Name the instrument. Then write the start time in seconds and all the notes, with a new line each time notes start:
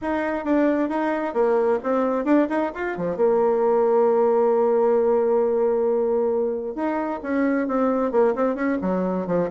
bassoon
0.01 D#4
0.44 D4
0.89 D#4
1.33 A#3
1.83 C4
2.25 D4
2.49 D#4
2.74 F4
2.97 F3
3.16 A#3
6.75 D#4
7.23 C#4
7.67 C4
8.11 A#3
8.35 C4
8.55 C#4
8.81 F#3
9.26 F3